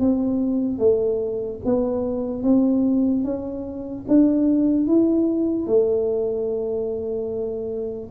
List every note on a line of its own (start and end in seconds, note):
0.00 0.79 C4
0.79 1.60 A3
1.65 2.43 B3
2.43 3.24 C4
3.24 4.05 C#4
4.08 4.87 D4
4.87 5.67 E4
5.67 8.10 A3